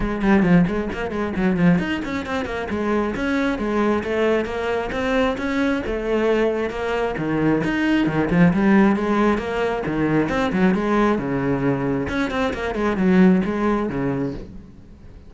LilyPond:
\new Staff \with { instrumentName = "cello" } { \time 4/4 \tempo 4 = 134 gis8 g8 f8 gis8 ais8 gis8 fis8 f8 | dis'8 cis'8 c'8 ais8 gis4 cis'4 | gis4 a4 ais4 c'4 | cis'4 a2 ais4 |
dis4 dis'4 dis8 f8 g4 | gis4 ais4 dis4 c'8 fis8 | gis4 cis2 cis'8 c'8 | ais8 gis8 fis4 gis4 cis4 | }